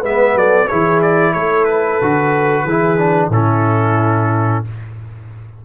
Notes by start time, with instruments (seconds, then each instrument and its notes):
0.00 tuba G#3, trombone B3, horn B4, trumpet E5
0.34 tuba F#3, horn A4, trumpet D5
0.67 tuba E3, trombone E4, horn G#4, trumpet C#5
1.02 trumpet D5
1.33 tuba A3, horn A4, trumpet C#5
1.64 trumpet B4
2.01 tuba D3, trombone F#4
2.63 tuba E3, trombone E4, horn G#4
2.98 trombone D4
3.29 tuba A2, trombone C#4, horn E4, trumpet A4